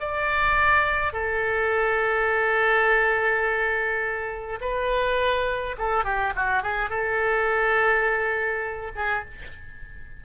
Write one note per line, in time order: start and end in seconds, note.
0.00 1.13 D5
1.13 4.59 A4
4.60 5.76 B4
5.78 6.04 A4
6.04 6.33 G4
6.35 6.63 F#4
6.63 6.89 G#4
6.89 8.91 A4
8.96 9.24 G#4